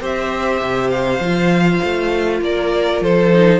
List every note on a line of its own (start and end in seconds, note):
0.00 0.60 C4
0.00 1.20 G4
0.00 2.41 C5
0.00 0.90 E5
0.61 1.19 C3
0.90 2.40 F5
1.19 1.79 F3
1.19 3.33 F4
1.83 2.41 A3
2.41 3.00 A#3
2.41 3.03 A#4
2.41 3.03 D5
3.01 3.60 F3
3.01 3.60 A4
3.01 3.60 C5
3.33 3.60 D#4